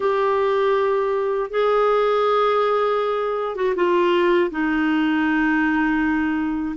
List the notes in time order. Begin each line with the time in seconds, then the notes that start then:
0.00 G4
1.50 G#4
3.55 F#4
3.75 F4
4.50 D#4